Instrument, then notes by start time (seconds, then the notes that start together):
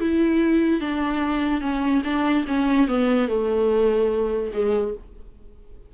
viola
0.00 E4
0.80 D4
1.61 C#4
2.04 D4
2.47 C#4
2.87 B3
3.28 A3
4.53 G#3